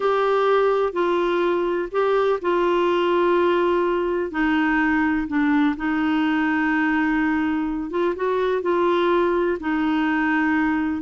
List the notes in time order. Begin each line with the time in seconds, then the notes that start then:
0.00 G4
0.93 F4
1.91 G4
2.41 F4
4.31 D#4
5.27 D4
5.76 D#4
7.90 F4
8.15 F#4
8.62 F4
9.60 D#4